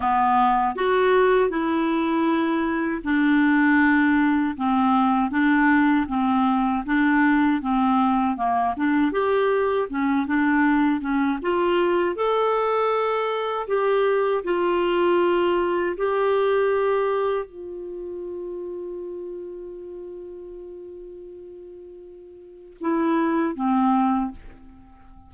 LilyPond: \new Staff \with { instrumentName = "clarinet" } { \time 4/4 \tempo 4 = 79 b4 fis'4 e'2 | d'2 c'4 d'4 | c'4 d'4 c'4 ais8 d'8 | g'4 cis'8 d'4 cis'8 f'4 |
a'2 g'4 f'4~ | f'4 g'2 f'4~ | f'1~ | f'2 e'4 c'4 | }